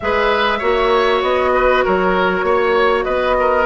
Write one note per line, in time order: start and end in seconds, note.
0.00 0.61 G#3
0.00 0.60 G#4
0.00 0.58 B4
0.00 1.22 E5
0.58 1.22 A#3
0.58 3.66 F#4
0.58 1.50 C#5
1.22 1.83 B3
1.22 1.83 D#5
1.54 1.84 B4
1.84 2.42 F#3
1.84 2.45 A#4
1.84 3.03 C#5
2.42 3.03 A#3
2.42 3.05 C#5
3.03 3.66 B3
3.03 3.35 B4
3.03 3.65 D#5
3.39 3.66 A#4